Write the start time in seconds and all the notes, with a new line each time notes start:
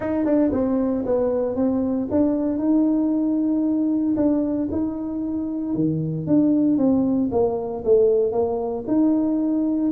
0.00 D#4
0.25 D4
0.52 C4
1.05 B3
1.55 C4
2.10 D4
2.58 D#4
4.16 D4
4.71 D#4
5.74 D#3
6.26 D4
6.77 C4
7.31 A#3
7.84 A3
8.32 A#3
8.87 D#4